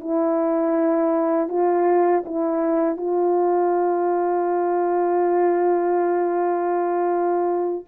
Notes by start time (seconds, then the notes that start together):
0.00 E4
1.49 F4
2.25 E4
2.97 F4